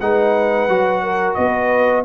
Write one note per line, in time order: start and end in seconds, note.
0.00 0.68 G#3
0.00 0.69 D#4
0.00 1.03 B4
0.00 1.34 F#5
0.68 1.36 F#3
0.68 2.05 F#4
1.03 1.37 A#4
1.34 2.05 B3
1.34 2.05 B4
1.34 2.02 D#5